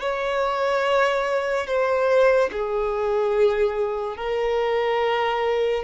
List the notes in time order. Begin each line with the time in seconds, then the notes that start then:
0.00 C#5
1.67 C5
2.52 G#4
4.17 A#4